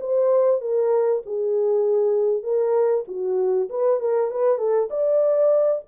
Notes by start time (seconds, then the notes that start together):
0.00 C5
0.61 A#4
1.26 G#4
2.43 A#4
3.08 F#4
3.70 B4
4.00 A#4
4.31 B4
4.58 A4
4.90 D5